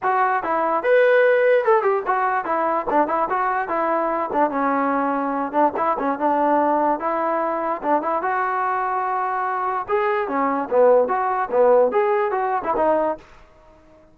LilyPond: \new Staff \with { instrumentName = "trombone" } { \time 4/4 \tempo 4 = 146 fis'4 e'4 b'2 | a'8 g'8 fis'4 e'4 d'8 e'8 | fis'4 e'4. d'8 cis'4~ | cis'4. d'8 e'8 cis'8 d'4~ |
d'4 e'2 d'8 e'8 | fis'1 | gis'4 cis'4 b4 fis'4 | b4 gis'4 fis'8. e'16 dis'4 | }